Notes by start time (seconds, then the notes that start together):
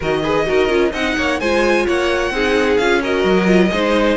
0.00 D#3 F#4 A#4 D#5
0.23 G#4 B4
0.46 D#4 F#4 A#4
0.68 C#4 F4
0.92 C4 D#4 D#5 F#5
1.17 A#3 C#5
1.39 G#3 F4 C5 G#5
1.86 A#3 C#5 F#5
2.30 C4 D#4 G#4
2.77 C#4 F4 F5
3.01 F#4 A#4 D#5
3.24 F#3
3.46 F4
3.71 G#3 D#4 C5